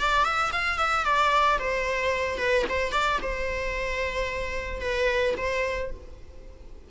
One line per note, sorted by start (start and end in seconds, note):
0.00 0.25 D5
0.25 0.51 E5
0.53 0.79 F5
0.79 1.05 E5
1.05 1.58 D5
1.59 2.38 C5
2.38 2.65 B4
2.69 2.92 C5
2.92 3.19 D5
3.22 4.81 C5
4.81 5.35 B4
5.37 5.91 C5